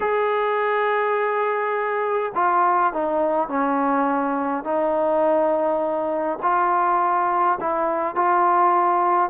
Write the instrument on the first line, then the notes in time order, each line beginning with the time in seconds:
trombone
0.00 G#4
2.35 F4
2.93 D#4
3.48 C#4
4.64 D#4
6.42 F4
7.60 E4
8.15 F4